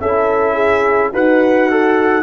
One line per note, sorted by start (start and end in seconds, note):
0.00 1.12 C#4
0.00 1.13 E4
0.00 0.54 A4
0.00 1.11 E5
0.54 1.10 G#4
1.12 2.22 D#4
1.12 2.22 F#4
1.12 1.69 B4
1.12 2.22 F#5
1.71 2.22 A4